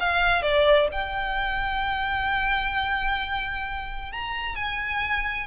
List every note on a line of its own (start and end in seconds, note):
0.00 0.42 F5
0.42 0.88 D5
0.92 4.13 G5
4.13 4.56 A#5
4.56 5.47 G#5